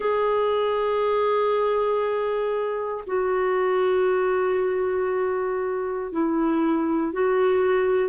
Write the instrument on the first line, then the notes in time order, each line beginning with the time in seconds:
clarinet
0.00 G#4
3.06 F#4
6.12 E4
7.12 F#4